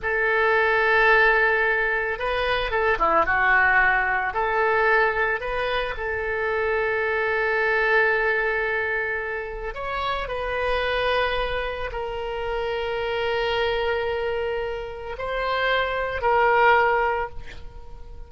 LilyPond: \new Staff \with { instrumentName = "oboe" } { \time 4/4 \tempo 4 = 111 a'1 | b'4 a'8 e'8 fis'2 | a'2 b'4 a'4~ | a'1~ |
a'2 cis''4 b'4~ | b'2 ais'2~ | ais'1 | c''2 ais'2 | }